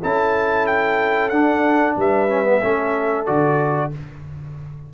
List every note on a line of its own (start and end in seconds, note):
0.00 1.31 C#4
0.00 1.32 E4
0.00 1.96 A4
0.00 0.66 A5
0.66 1.29 G5
1.29 1.96 D4
1.29 2.28 D4
1.29 1.94 F#5
1.96 2.61 G3
1.96 2.60 B4
1.96 3.25 E5
2.28 2.44 C#4
2.44 2.60 B3
2.60 3.28 A3
2.60 3.26 C#4
2.60 3.91 A4
3.25 3.93 D3
3.25 3.91 F#4
3.25 3.91 D5